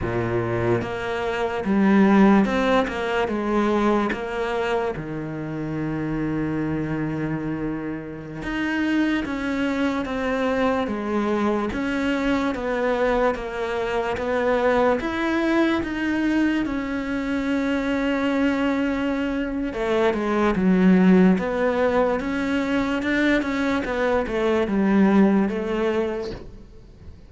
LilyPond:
\new Staff \with { instrumentName = "cello" } { \time 4/4 \tempo 4 = 73 ais,4 ais4 g4 c'8 ais8 | gis4 ais4 dis2~ | dis2~ dis16 dis'4 cis'8.~ | cis'16 c'4 gis4 cis'4 b8.~ |
b16 ais4 b4 e'4 dis'8.~ | dis'16 cis'2.~ cis'8. | a8 gis8 fis4 b4 cis'4 | d'8 cis'8 b8 a8 g4 a4 | }